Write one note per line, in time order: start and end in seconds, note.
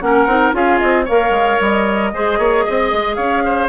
0.00 0.26 A#3
0.00 0.28 C#4
0.00 0.55 A#4
0.00 0.53 F#5
0.26 0.52 C4
0.26 0.52 D#4
0.52 0.79 C#4
0.52 1.05 F4
0.52 1.05 G#4
0.52 0.78 F5
0.78 1.09 C4
0.78 1.05 D#5
1.05 1.30 A#3
1.05 2.13 A#4
1.05 2.10 C#5
1.05 1.60 F5
1.30 1.56 G#3
1.60 2.13 G3
1.60 3.15 D#5
2.13 2.38 G#3
2.13 3.68 G#4
2.13 2.38 C5
2.38 2.64 A#3
2.38 2.65 C#5
2.65 2.91 C4
2.65 3.16 D#5
2.91 3.17 G#3
3.15 3.68 C#4
3.15 3.42 C#5
3.15 3.67 F5
3.45 3.68 C5